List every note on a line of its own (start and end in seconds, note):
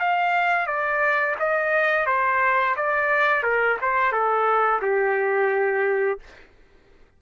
0.00 0.67 F5
0.67 1.36 D5
1.40 2.07 D#5
2.07 2.76 C5
2.77 3.43 D5
3.43 3.78 A#4
3.82 4.13 C5
4.13 4.82 A4
4.82 6.20 G4